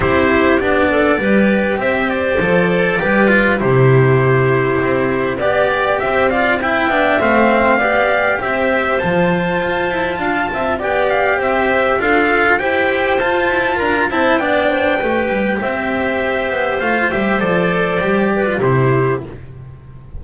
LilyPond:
<<
  \new Staff \with { instrumentName = "trumpet" } { \time 4/4 \tempo 4 = 100 c''4 d''2 e''8 d''8~ | d''2 c''2~ | c''4 d''4 e''8 f''8 g''4 | f''2 e''4 a''4~ |
a''2 g''8 f''8 e''4 | f''4 g''4 a''4 ais''8 a''8 | g''2 e''2 | f''8 e''8 d''2 c''4 | }
  \new Staff \with { instrumentName = "clarinet" } { \time 4/4 g'4. a'8 b'4 c''4~ | c''4 b'4 g'2~ | g'4 d''4 c''8 d''8 e''4~ | e''4 d''4 c''2~ |
c''4 f''8 e''8 d''4 c''4 | a'4 c''2 ais'8 c''8 | d''8 c''8 b'4 c''2~ | c''2~ c''8 b'8 g'4 | }
  \new Staff \with { instrumentName = "cello" } { \time 4/4 e'4 d'4 g'2 | a'4 g'8 f'8 e'2~ | e'4 g'4. f'8 e'8 d'8 | c'4 g'2 f'4~ |
f'2 g'2 | f'4 g'4 f'4. e'8 | d'4 g'2. | f'8 g'8 a'4 g'8. f'16 e'4 | }
  \new Staff \with { instrumentName = "double bass" } { \time 4/4 c'4 b4 g4 c'4 | f4 g4 c2 | c'4 b4 c'4. b8 | a4 b4 c'4 f4 |
f'8 e'8 d'8 c'8 b4 c'4 | d'4 e'4 f'8 e'8 d'8 c'8 | b4 a8 g8 c'4. b8 | a8 g8 f4 g4 c4 | }
>>